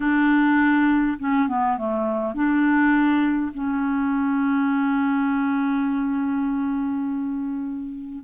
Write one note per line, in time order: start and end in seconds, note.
0.00 1.18 D4
1.19 1.48 C#4
1.48 1.77 B3
1.77 2.34 A3
2.34 3.52 D4
3.54 8.24 C#4